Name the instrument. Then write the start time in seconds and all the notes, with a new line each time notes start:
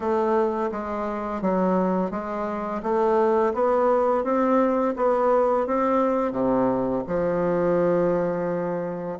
bassoon
0.00 A3
0.71 G#3
1.41 F#3
2.10 G#3
2.82 A3
3.54 B3
4.24 C4
4.96 B3
5.66 C4
6.32 C3
7.07 F3